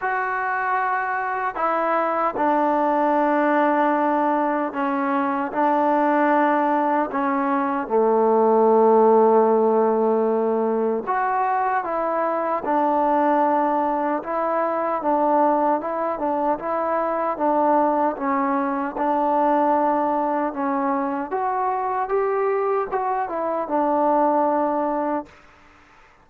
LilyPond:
\new Staff \with { instrumentName = "trombone" } { \time 4/4 \tempo 4 = 76 fis'2 e'4 d'4~ | d'2 cis'4 d'4~ | d'4 cis'4 a2~ | a2 fis'4 e'4 |
d'2 e'4 d'4 | e'8 d'8 e'4 d'4 cis'4 | d'2 cis'4 fis'4 | g'4 fis'8 e'8 d'2 | }